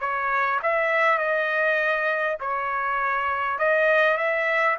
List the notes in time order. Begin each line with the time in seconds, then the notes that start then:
0.00 C#5
0.63 E5
1.18 D#5
2.40 C#5
3.59 D#5
4.17 E5